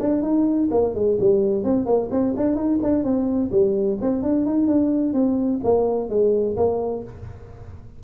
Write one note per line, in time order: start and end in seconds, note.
0.00 0.22 D4
0.22 0.69 D#4
0.71 0.95 A#3
0.95 1.18 G#3
1.20 1.64 G3
1.64 1.86 C4
1.86 2.09 A#3
2.11 2.35 C4
2.37 2.56 D4
2.56 2.79 D#4
2.83 3.04 D4
3.04 3.51 C4
3.51 3.98 G3
4.01 4.23 C4
4.23 4.46 D4
4.46 4.67 D#4
4.67 5.14 D4
5.14 5.61 C4
5.64 6.10 A#3
6.10 6.56 G#3
6.57 7.04 A#3